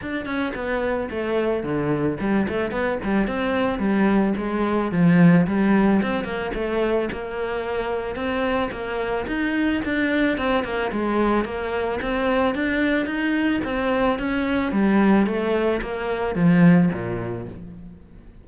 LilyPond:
\new Staff \with { instrumentName = "cello" } { \time 4/4 \tempo 4 = 110 d'8 cis'8 b4 a4 d4 | g8 a8 b8 g8 c'4 g4 | gis4 f4 g4 c'8 ais8 | a4 ais2 c'4 |
ais4 dis'4 d'4 c'8 ais8 | gis4 ais4 c'4 d'4 | dis'4 c'4 cis'4 g4 | a4 ais4 f4 ais,4 | }